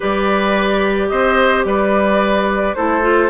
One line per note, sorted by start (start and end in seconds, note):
0.00 1.11 G3
0.00 2.75 G4
0.00 1.07 B4
0.00 1.08 D5
1.08 1.64 C4
1.08 1.66 C5
1.08 1.63 D#5
1.64 2.74 G3
1.64 2.76 B4
1.64 2.75 D5
2.75 3.29 A3
2.75 3.01 E4
2.75 3.29 A4
2.75 3.29 C5
3.01 3.29 F4